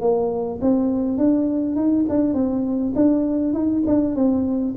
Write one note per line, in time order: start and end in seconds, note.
0.00 0.59 A#3
0.61 1.17 C4
1.17 1.75 D4
1.75 2.05 D#4
2.08 2.34 D4
2.34 2.93 C4
2.95 3.53 D4
3.53 3.83 D#4
3.86 4.15 D4
4.15 4.74 C4